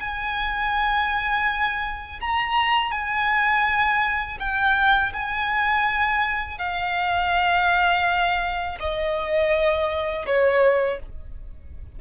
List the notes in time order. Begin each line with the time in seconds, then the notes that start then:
0.00 G#5
2.21 A#5
2.91 G#5
4.39 G5
5.13 G#5
6.58 F5
8.79 D#5
10.26 C#5